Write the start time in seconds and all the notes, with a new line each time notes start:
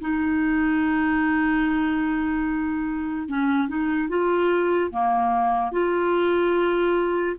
0.00 D#4
3.28 C#4
3.68 D#4
4.09 F4
4.91 A#3
5.72 F4